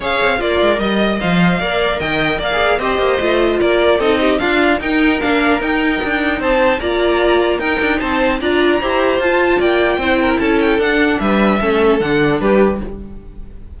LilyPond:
<<
  \new Staff \with { instrumentName = "violin" } { \time 4/4 \tempo 4 = 150 f''4 d''4 dis''4 f''4~ | f''4 g''4 f''4 dis''4~ | dis''4 d''4 dis''4 f''4 | g''4 f''4 g''2 |
a''4 ais''2 g''4 | a''4 ais''2 a''4 | g''2 a''8 g''8 fis''4 | e''2 fis''4 b'4 | }
  \new Staff \with { instrumentName = "violin" } { \time 4/4 cis''4 f'4 dis''2 | d''4 dis''4 d''4 c''4~ | c''4 ais'4 a'8 g'8 f'4 | ais'1 |
c''4 d''2 ais'4 | c''4 d''4 c''2 | d''4 c''8 ais'8 a'2 | b'4 a'2 g'4 | }
  \new Staff \with { instrumentName = "viola" } { \time 4/4 gis'4 ais'2 c''4 | ais'2~ ais'16 gis'8. g'4 | f'2 dis'4 d'4 | dis'4 d'4 dis'2~ |
dis'4 f'2 dis'4~ | dis'4 f'4 g'4 f'4~ | f'4 e'2 d'4~ | d'4 cis'4 d'2 | }
  \new Staff \with { instrumentName = "cello" } { \time 4/4 cis'8 c'8 ais8 gis8 g4 f4 | ais4 dis4 ais4 c'8 ais8 | a4 ais4 c'4 d'4 | dis'4 ais4 dis'4 d'4 |
c'4 ais2 dis'8 d'8 | c'4 d'4 e'4 f'4 | ais4 c'4 cis'4 d'4 | g4 a4 d4 g4 | }
>>